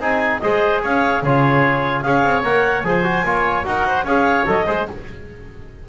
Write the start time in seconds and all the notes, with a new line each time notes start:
0.00 C4 D#4 G#4 G#5
0.40 G#3 G#4 C5 D#5
0.83 C#4 C#5 F5
1.23 C#3 F4 G#4 C#5
2.01 C#4 G#4 C#5 F5
2.24 C4
2.43 A#3 A#4 F#5
2.83 F3 G#4 C5 G#5
3.04 F#4
3.25 A#3 F4 C#5
3.65 D#4 F#4 A#4 F#5
3.87 C5
4.04 C#4 G#4 C#5 F5
4.46 F#3 A4 D#5
4.67 G#3 G#4 C5